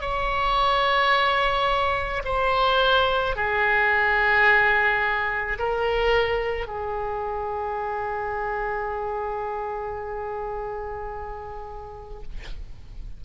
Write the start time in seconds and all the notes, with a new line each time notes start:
0.00 C#5
2.24 C5
3.36 G#4
5.59 A#4
6.67 G#4